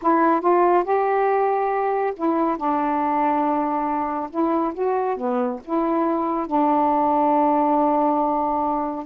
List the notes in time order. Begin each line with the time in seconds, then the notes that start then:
0.02 E4
0.40 F4
0.84 G4
2.16 E4
2.57 D4
4.30 E4
4.74 F#4
5.16 B3
5.64 E4
6.46 D4